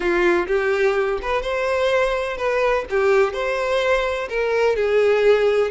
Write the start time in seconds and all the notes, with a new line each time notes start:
0.00 F4
0.47 G4
1.21 B4
1.42 C5
2.37 B4
2.89 G4
3.33 C5
4.29 A#4
4.76 G#4